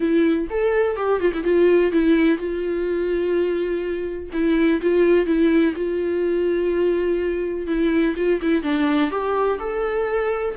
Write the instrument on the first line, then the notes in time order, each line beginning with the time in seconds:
viola
0.00 E4
0.50 A4
0.96 G4
1.20 F4
1.33 E4
1.43 F4
1.92 E4
2.38 F4
4.32 E4
4.81 F4
5.26 E4
5.75 F4
7.66 E4
8.16 F4
8.41 E4
8.63 D4
9.11 G4
9.59 A4